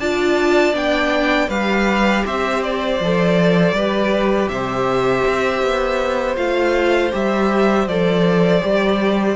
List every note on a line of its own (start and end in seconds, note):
0.00 0.74 D4
0.00 0.74 F4
0.00 1.48 D5
0.00 0.75 A5
0.74 1.49 B3
0.74 1.49 D4
0.74 1.50 G5
1.48 2.24 G3
1.48 3.00 G4
1.48 2.23 B4
1.48 2.25 F5
2.26 3.00 C4
2.26 3.76 C5
2.26 2.63 E5
2.63 4.49 D5
3.00 3.73 F3
3.00 3.76 A4
3.73 4.48 G3
3.73 6.36 G4
3.73 4.51 B4
4.49 5.24 C3
4.49 9.36 C5
4.49 6.36 E5
5.27 5.63 C4
5.63 6.38 B3
6.36 7.13 A3
6.36 7.11 F4
6.36 7.12 F5
7.12 7.87 G3
7.12 7.87 G4
7.12 7.88 E5
7.87 8.62 F3
7.87 8.61 A4
7.87 9.36 D5
8.61 9.36 G3
8.61 9.36 G4